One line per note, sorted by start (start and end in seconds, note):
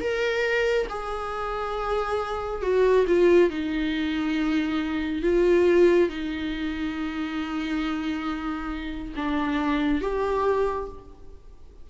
0.00 0.87 A#4
0.89 2.62 G#4
2.62 3.06 F#4
3.07 3.50 F4
3.50 5.23 D#4
5.23 6.09 F4
6.09 9.13 D#4
9.16 10.01 D4
10.01 10.88 G4